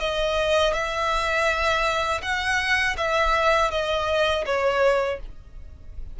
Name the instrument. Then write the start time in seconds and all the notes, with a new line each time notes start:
violin
0.00 D#5
0.73 E5
2.22 F#5
2.97 E5
3.70 D#5
4.45 C#5